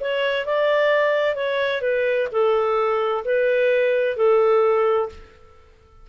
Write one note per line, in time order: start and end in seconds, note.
0.00 0.46 C#5
0.46 1.35 D5
1.35 1.81 C#5
1.81 2.27 B4
2.31 3.24 A4
3.24 4.16 B4
4.16 5.09 A4